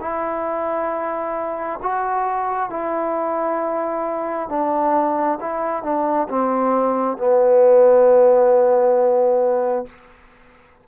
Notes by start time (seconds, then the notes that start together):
0.00 E4
1.82 F#4
2.69 E4
4.49 D4
5.40 E4
5.82 D4
6.28 C4
7.17 B3